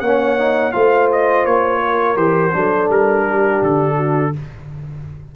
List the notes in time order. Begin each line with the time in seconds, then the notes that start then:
0.00 A#3 C#4 C#5 F#5
0.38 D#4
0.72 A3 F4 C5 F5
1.12 D#5
1.45 A#3 C#5
1.83 A#4
2.16 E3 G4 C5
2.52 F#3 D4 A4
2.89 G3 A#4
3.25 G4
3.62 D3 A4
3.96 F#4